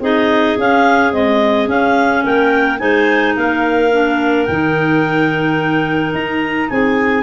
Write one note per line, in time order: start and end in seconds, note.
0.00 0.56 C4
0.00 0.58 D#4
0.00 2.23 G#4
0.00 0.59 D#5
0.58 1.12 C#4
0.58 1.13 C#4
0.58 1.13 F5
1.12 1.66 G#3
1.12 1.68 C4
1.12 1.68 D#5
1.66 2.77 C#4
1.66 2.24 C#4
1.66 2.25 F5
2.23 2.81 A#3
2.23 2.79 A#4
2.23 2.79 G5
2.78 3.36 G#3
2.78 3.89 D#4
2.78 3.35 C5
2.78 3.34 G#5
3.36 4.48 A#3
3.36 6.69 A#4
3.36 4.45 F5
3.92 4.48 D4
4.45 6.14 D#3
4.45 7.23 D#4
4.45 6.12 G5
6.14 6.70 D#4
6.14 6.69 A#5
6.69 7.23 C4
6.69 7.23 G#4
6.69 7.23 G#5